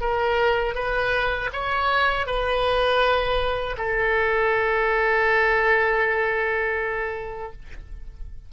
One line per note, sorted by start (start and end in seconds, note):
0.00 0.75 A#4
0.75 1.50 B4
1.52 2.26 C#5
2.26 3.76 B4
3.77 7.52 A4